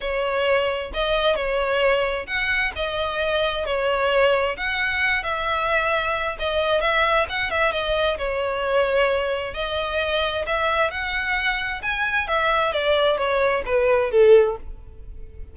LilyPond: \new Staff \with { instrumentName = "violin" } { \time 4/4 \tempo 4 = 132 cis''2 dis''4 cis''4~ | cis''4 fis''4 dis''2 | cis''2 fis''4. e''8~ | e''2 dis''4 e''4 |
fis''8 e''8 dis''4 cis''2~ | cis''4 dis''2 e''4 | fis''2 gis''4 e''4 | d''4 cis''4 b'4 a'4 | }